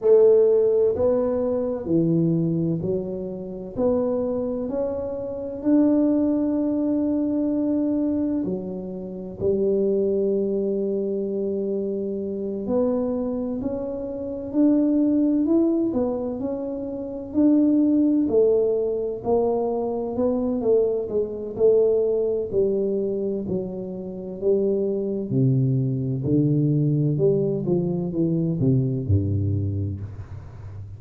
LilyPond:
\new Staff \with { instrumentName = "tuba" } { \time 4/4 \tempo 4 = 64 a4 b4 e4 fis4 | b4 cis'4 d'2~ | d'4 fis4 g2~ | g4. b4 cis'4 d'8~ |
d'8 e'8 b8 cis'4 d'4 a8~ | a8 ais4 b8 a8 gis8 a4 | g4 fis4 g4 c4 | d4 g8 f8 e8 c8 g,4 | }